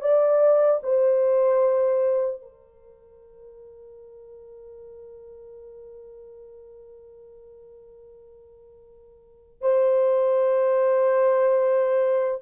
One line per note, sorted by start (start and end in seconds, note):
0.00 0.80 D5
0.83 2.41 C5
2.41 9.61 A#4
9.61 12.41 C5